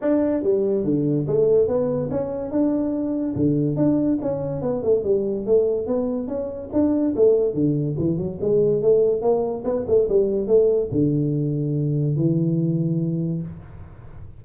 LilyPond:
\new Staff \with { instrumentName = "tuba" } { \time 4/4 \tempo 4 = 143 d'4 g4 d4 a4 | b4 cis'4 d'2 | d4 d'4 cis'4 b8 a8 | g4 a4 b4 cis'4 |
d'4 a4 d4 e8 fis8 | gis4 a4 ais4 b8 a8 | g4 a4 d2~ | d4 e2. | }